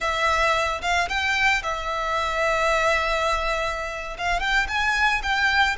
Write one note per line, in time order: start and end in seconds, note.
0.00 0.81 E5
0.81 1.08 F5
1.09 1.62 G5
1.62 4.17 E5
4.17 4.40 F5
4.40 4.66 G5
4.68 5.21 G#5
5.22 5.76 G5